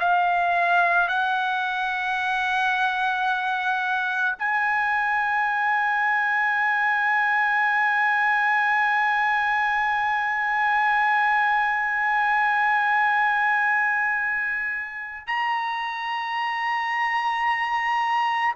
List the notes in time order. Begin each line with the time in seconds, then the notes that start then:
0.00 F5
1.08 F#5
4.39 G#5
15.27 A#5